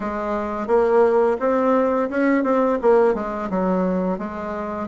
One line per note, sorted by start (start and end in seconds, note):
0.00 0.67 G#3
0.67 1.37 A#3
1.39 2.09 C4
2.09 2.43 C#4
2.43 2.78 C4
2.81 3.14 A#3
3.14 3.49 G#3
3.50 4.18 F#3
4.18 4.87 G#3